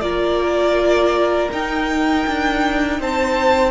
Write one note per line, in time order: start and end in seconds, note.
0.00 1.49 A#3
0.00 1.49 F4
0.00 2.99 A#4
0.00 1.48 D5
1.52 3.70 D#4
1.52 2.26 D#4
1.52 3.00 G5
2.27 3.00 D4
2.99 3.70 C4
2.99 3.70 C5
2.99 3.70 A5